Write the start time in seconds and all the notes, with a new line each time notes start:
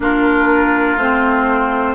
0.00 A#3 D4 F4 A#4
0.96 A3 C4 C5